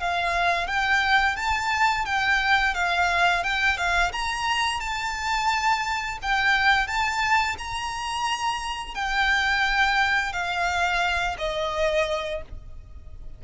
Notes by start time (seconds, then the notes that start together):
0.00 F5
0.67 G5
1.36 A5
2.05 G5
2.75 F5
3.44 G5
3.77 F5
4.12 A#5
4.81 A5
6.23 G5
6.87 A5
7.58 A#5
8.95 G5
10.33 F5
11.39 D#5